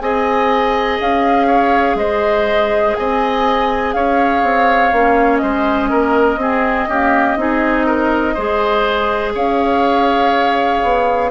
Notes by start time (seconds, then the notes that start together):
0.00 C4 G#4 D#5 G#5
1.00 C#4 F5
1.47 C#5
1.95 G#3 C5 D#5
2.95 C4 D#5 G#5
3.93 C#4 C#5 F5
4.43 C4
4.92 A#3 C#4
5.37 G#3 C5 D#5
5.90 A#3 A#4
6.36 C4 G#4
6.88 A#3 C#4 G4
7.36 C4 D#4 G#4
7.86 A#4
8.34 G#3 G#4 C5
9.34 C#4 C#5 F5
10.82 B3